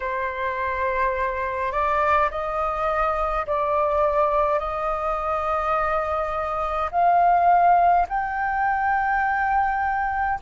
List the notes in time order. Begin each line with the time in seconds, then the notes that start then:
0.00 C5
1.72 D5
2.30 D#5
3.46 D5
4.59 D#5
6.91 F5
8.08 G5